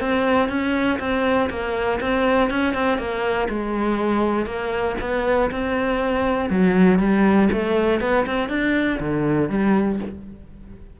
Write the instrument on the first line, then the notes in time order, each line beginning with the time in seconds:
cello
0.00 C4
0.49 C#4
0.99 C4
1.50 A#3
2.00 C4
2.50 C#4
2.74 C4
2.98 A#3
3.49 G#3
4.45 A#3
5.00 B3
5.50 C4
6.50 F#3
6.99 G3
7.52 A3
8.00 B3
8.26 C4
8.49 D4
9.00 D3
9.49 G3